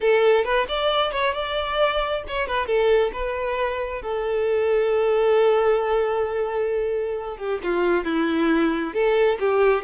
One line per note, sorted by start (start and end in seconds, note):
0.00 0.44 A4
0.44 0.66 B4
0.68 1.12 D5
1.12 1.33 C#5
1.33 2.23 D5
2.27 2.47 C#5
2.47 2.66 B4
2.66 3.11 A4
3.12 4.02 B4
4.02 7.37 A4
7.37 7.59 G4
7.63 8.04 F4
8.04 8.93 E4
8.93 9.38 A4
9.39 9.84 G4